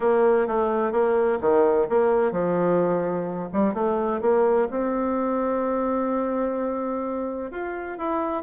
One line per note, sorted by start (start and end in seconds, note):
0.00 0.47 A#3
0.47 0.92 A3
0.92 1.38 A#3
1.40 1.87 D#3
1.89 2.31 A#3
2.31 3.49 F3
3.52 3.74 G3
3.74 4.20 A3
4.21 4.67 A#3
4.70 7.51 C4
7.51 7.98 F4
7.98 8.43 E4